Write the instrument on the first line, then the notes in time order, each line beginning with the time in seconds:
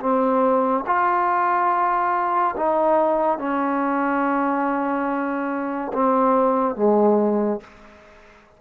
trombone
0.00 C4
0.86 F4
2.57 D#4
3.38 C#4
5.93 C4
6.76 G#3